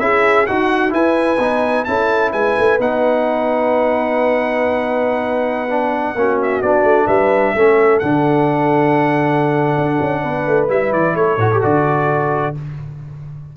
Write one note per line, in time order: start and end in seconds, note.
0.00 0.47 C#4
0.00 0.47 E4
0.00 0.49 G#4
0.00 0.47 E5
0.47 0.93 D#4
0.47 0.90 F#4
0.47 0.94 F#4
0.47 0.93 F#5
0.90 1.36 E4
0.90 1.39 E4
0.90 1.87 B4
0.90 1.85 G#5
1.39 1.86 B3
1.39 1.87 D#4
1.85 2.33 C#4
1.85 2.80 E4
1.85 2.33 A4
1.85 2.31 A5
2.32 2.57 G#3
2.32 6.16 B4
2.32 2.79 G#5
2.59 2.79 A3
2.79 6.16 B3
2.79 5.69 D#4
2.79 6.42 F#5
5.69 6.16 D4
6.16 6.62 A#3
6.16 6.64 C#4
6.16 7.06 F#4
6.42 6.62 E5
6.62 6.84 B3
6.62 7.56 D4
6.62 7.08 D5
6.84 7.07 A3
7.06 7.54 G3
7.06 7.53 B4
7.06 8.00 E5
7.55 8.02 A3
7.55 8.03 C#4
7.55 10.23 A4
8.00 9.78 D3
8.00 10.69 D4
8.00 10.67 F#5
9.78 10.01 D4
10.01 10.25 C#4
10.23 10.47 B3
10.23 11.16 B4
10.47 10.69 A3
10.69 10.93 G3
10.69 11.39 E4
10.69 10.93 E5
10.93 11.15 E3
10.93 11.16 D5
11.15 11.37 A3
11.15 12.56 A4
11.15 11.63 C#5
11.37 11.61 A2
11.37 11.52 F#4
11.52 11.62 G4
11.62 12.57 D3
11.62 12.55 F#4
11.62 12.57 D5